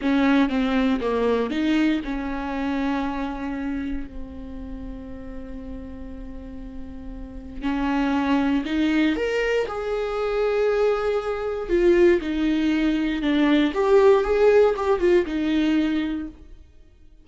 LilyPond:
\new Staff \with { instrumentName = "viola" } { \time 4/4 \tempo 4 = 118 cis'4 c'4 ais4 dis'4 | cis'1 | c'1~ | c'2. cis'4~ |
cis'4 dis'4 ais'4 gis'4~ | gis'2. f'4 | dis'2 d'4 g'4 | gis'4 g'8 f'8 dis'2 | }